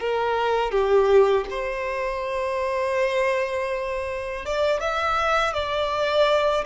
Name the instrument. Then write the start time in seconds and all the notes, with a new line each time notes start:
violin
0.00 A#4
0.72 G4
1.51 C5
4.45 D5
4.80 E5
5.54 D5